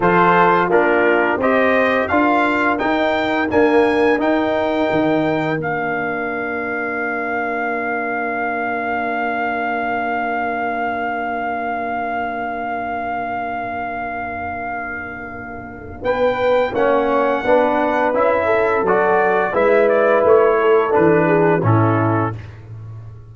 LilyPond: <<
  \new Staff \with { instrumentName = "trumpet" } { \time 4/4 \tempo 4 = 86 c''4 ais'4 dis''4 f''4 | g''4 gis''4 g''2 | f''1~ | f''1~ |
f''1~ | f''2. g''4 | fis''2 e''4 d''4 | e''8 d''8 cis''4 b'4 a'4 | }
  \new Staff \with { instrumentName = "horn" } { \time 4/4 a'4 f'4 c''4 ais'4~ | ais'1~ | ais'1~ | ais'1~ |
ais'1~ | ais'2. b'4 | cis''4 b'4. a'4. | b'4. a'4 gis'8 e'4 | }
  \new Staff \with { instrumentName = "trombone" } { \time 4/4 f'4 d'4 g'4 f'4 | dis'4 ais4 dis'2 | d'1~ | d'1~ |
d'1~ | d'1 | cis'4 d'4 e'4 fis'4 | e'2 d'4 cis'4 | }
  \new Staff \with { instrumentName = "tuba" } { \time 4/4 f4 ais4 c'4 d'4 | dis'4 d'4 dis'4 dis4 | ais1~ | ais1~ |
ais1~ | ais2. b4 | ais4 b4 cis'4 fis4 | gis4 a4 e4 a,4 | }
>>